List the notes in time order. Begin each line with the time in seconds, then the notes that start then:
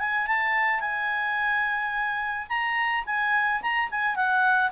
0.00 G#5
0.27 A5
0.81 G#5
2.49 A#5
3.07 G#5
3.62 A#5
3.91 G#5
4.16 F#5